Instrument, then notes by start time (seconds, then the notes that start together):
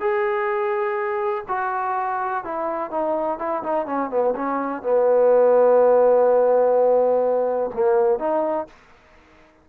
trombone
0.00 G#4
1.48 F#4
2.44 E4
2.90 D#4
3.39 E4
3.63 D#4
3.86 C#4
4.10 B3
4.35 C#4
4.82 B3
7.73 A#3
8.19 D#4